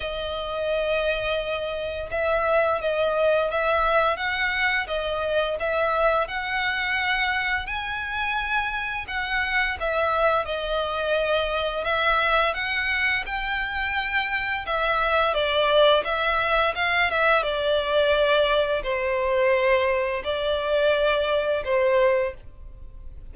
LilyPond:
\new Staff \with { instrumentName = "violin" } { \time 4/4 \tempo 4 = 86 dis''2. e''4 | dis''4 e''4 fis''4 dis''4 | e''4 fis''2 gis''4~ | gis''4 fis''4 e''4 dis''4~ |
dis''4 e''4 fis''4 g''4~ | g''4 e''4 d''4 e''4 | f''8 e''8 d''2 c''4~ | c''4 d''2 c''4 | }